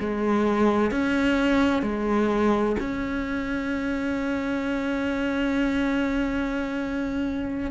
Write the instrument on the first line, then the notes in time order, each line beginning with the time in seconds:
cello
0.00 G#3
0.92 C#4
1.83 G#3
2.80 C#4